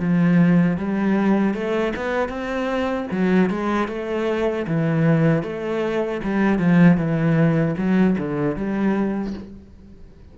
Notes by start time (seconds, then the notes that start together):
0.00 F3
0.78 G3
1.54 A3
1.96 B3
2.29 C4
3.12 F#3
3.50 G#3
3.89 A3
4.68 E3
5.43 A3
6.24 G3
6.60 F3
6.97 E3
7.78 F#3
8.19 D3
8.56 G3